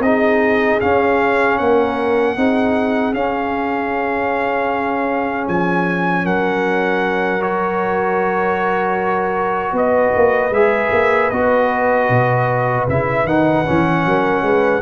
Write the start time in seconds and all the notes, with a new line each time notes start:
0.00 C4 D#4 G#4 D#5
0.81 C#4 F5
1.58 A#3 A#4 F#5
2.37 C4 D#4 G#4
3.14 C#4 F5
5.48 F3 G#5
6.24 F#3 A#4 F#5
7.41 F#4 C#5
9.73 B3 B4 D#5
10.16 A#3
10.50 G#3 G#4 E5
10.93 A#3
11.31 B3 F#4 D#5
12.10 B2
12.88 C#3 E4 E5
13.24 D#3 D#4 F#5
13.66 E3 C#4
14.06 F#3 A#4
14.43 G#3 B4